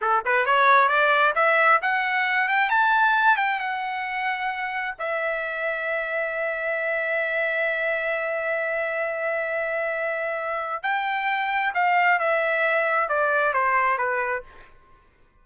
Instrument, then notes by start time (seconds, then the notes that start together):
trumpet
0.01 A4
0.25 B4
0.45 C#5
0.88 D5
1.35 E5
1.82 F#5
2.48 G5
2.69 A5
3.36 G5
3.59 F#5
4.98 E5
10.82 G5
11.74 F5
12.19 E5
13.08 D5
13.53 C5
13.97 B4